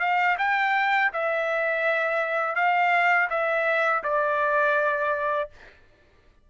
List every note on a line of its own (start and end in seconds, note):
0.00 0.37 F5
0.39 1.12 G5
1.13 2.55 E5
2.55 3.29 F5
3.30 4.03 E5
4.04 5.50 D5